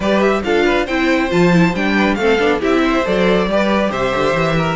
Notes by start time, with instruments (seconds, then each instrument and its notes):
0.00 cello G3, viola G4, violin B4 D5
0.20 violin E5
0.43 cello D4, viola F4, violin A4 F5
0.65 violin B4
0.85 cello C4, viola E4, violin C5 G5
1.30 cello F3, viola F4, violin A5
1.52 viola E4
1.74 cello G3, viola D4, violin G5
1.94 violin B4
2.15 cello A3, viola C4, violin A4 F5
2.38 cello B3, viola D4
2.60 cello C4, viola E4, violin G4 E5
2.82 violin C5
3.04 cello F#3, viola A4, violin D5
3.46 cello G3, viola G4, violin B4
3.90 cello C3, violin C5 E5
4.15 cello D3
4.33 cello E3
4.57 violin A#4